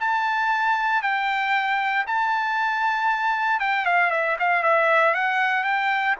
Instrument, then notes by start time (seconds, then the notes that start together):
trumpet
0.00 A5
1.03 G5
2.07 A5
3.60 G5
3.86 F5
4.11 E5
4.40 F5
4.64 E5
5.15 F#5
5.64 G5